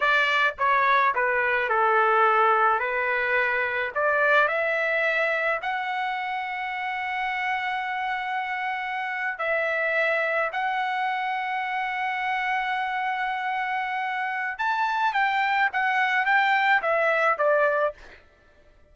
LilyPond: \new Staff \with { instrumentName = "trumpet" } { \time 4/4 \tempo 4 = 107 d''4 cis''4 b'4 a'4~ | a'4 b'2 d''4 | e''2 fis''2~ | fis''1~ |
fis''8. e''2 fis''4~ fis''16~ | fis''1~ | fis''2 a''4 g''4 | fis''4 g''4 e''4 d''4 | }